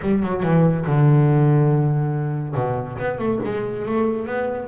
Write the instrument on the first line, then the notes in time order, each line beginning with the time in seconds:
double bass
0.01 G3
0.22 F#3
0.43 E3
0.85 D3
2.55 B2
2.98 B3
3.18 A3
3.44 G#3
3.85 A3
4.26 B3